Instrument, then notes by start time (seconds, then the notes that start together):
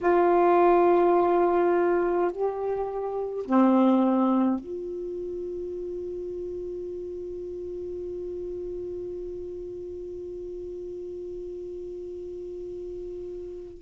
saxophone
0.00 F4
2.31 G4
3.45 C4
4.59 F4